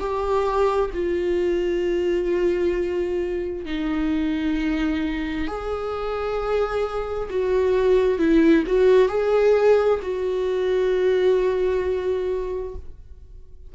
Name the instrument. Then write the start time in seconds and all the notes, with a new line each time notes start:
viola
0.00 G4
0.94 F4
3.66 D#4
5.48 G#4
7.30 F#4
8.19 E4
8.67 F#4
9.09 G#4
10.02 F#4